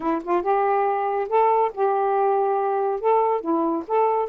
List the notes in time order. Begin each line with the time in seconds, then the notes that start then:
0.00 E4
0.23 F4
0.42 G4
1.28 A4
1.74 G4
3.00 A4
3.41 E4
3.87 A4